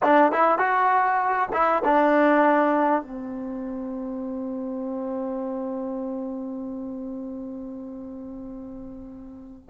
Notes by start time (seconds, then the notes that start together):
0.02 D4
0.32 E4
0.58 F#4
1.52 E4
1.84 D4
3.02 C4